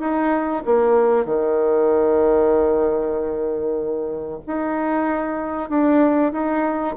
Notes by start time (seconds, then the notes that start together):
0.00 D#4
0.65 A#3
1.25 D#3
4.47 D#4
5.70 D4
6.32 D#4